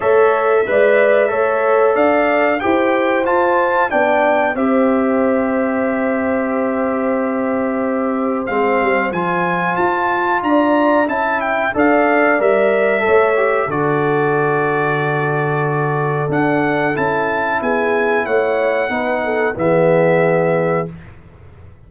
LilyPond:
<<
  \new Staff \with { instrumentName = "trumpet" } { \time 4/4 \tempo 4 = 92 e''2. f''4 | g''4 a''4 g''4 e''4~ | e''1~ | e''4 f''4 gis''4 a''4 |
ais''4 a''8 g''8 f''4 e''4~ | e''4 d''2.~ | d''4 fis''4 a''4 gis''4 | fis''2 e''2 | }
  \new Staff \with { instrumentName = "horn" } { \time 4/4 cis''4 d''4 cis''4 d''4 | c''2 d''4 c''4~ | c''1~ | c''1 |
d''4 e''4 d''2 | cis''4 a'2.~ | a'2. gis'4 | cis''4 b'8 a'8 gis'2 | }
  \new Staff \with { instrumentName = "trombone" } { \time 4/4 a'4 b'4 a'2 | g'4 f'4 d'4 g'4~ | g'1~ | g'4 c'4 f'2~ |
f'4 e'4 a'4 ais'4 | a'8 g'8 fis'2.~ | fis'4 d'4 e'2~ | e'4 dis'4 b2 | }
  \new Staff \with { instrumentName = "tuba" } { \time 4/4 a4 gis4 a4 d'4 | e'4 f'4 b4 c'4~ | c'1~ | c'4 gis8 g8 f4 f'4 |
d'4 cis'4 d'4 g4 | a4 d2.~ | d4 d'4 cis'4 b4 | a4 b4 e2 | }
>>